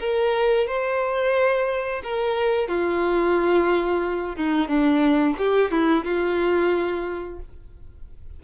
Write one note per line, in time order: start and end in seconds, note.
0.00 0.67 A#4
0.67 2.02 C5
2.03 2.68 A#4
2.68 4.36 F4
4.36 4.68 D#4
4.68 5.36 D4
5.38 5.71 G4
5.71 6.05 E4
6.05 7.39 F4